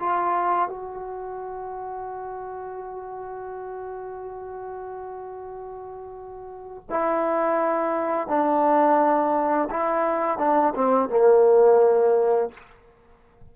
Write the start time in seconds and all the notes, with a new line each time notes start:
0.00 F4
0.69 F#4
6.90 E4
8.28 D4
9.71 E4
10.39 D4
10.76 C4
11.10 A#3